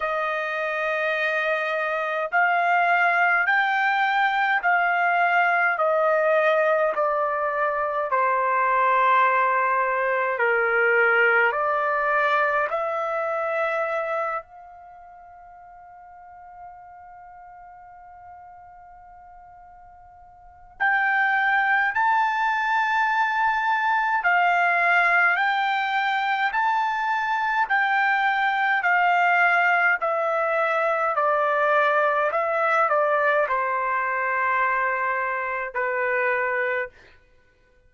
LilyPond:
\new Staff \with { instrumentName = "trumpet" } { \time 4/4 \tempo 4 = 52 dis''2 f''4 g''4 | f''4 dis''4 d''4 c''4~ | c''4 ais'4 d''4 e''4~ | e''8 f''2.~ f''8~ |
f''2 g''4 a''4~ | a''4 f''4 g''4 a''4 | g''4 f''4 e''4 d''4 | e''8 d''8 c''2 b'4 | }